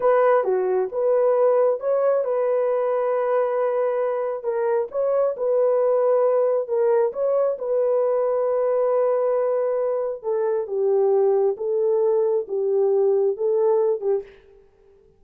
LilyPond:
\new Staff \with { instrumentName = "horn" } { \time 4/4 \tempo 4 = 135 b'4 fis'4 b'2 | cis''4 b'2.~ | b'2 ais'4 cis''4 | b'2. ais'4 |
cis''4 b'2.~ | b'2. a'4 | g'2 a'2 | g'2 a'4. g'8 | }